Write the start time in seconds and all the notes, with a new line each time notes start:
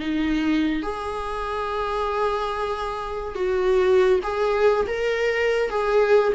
0.00 D#4
0.83 G#4
3.36 F#4
4.23 G#4
4.87 A#4
5.70 G#4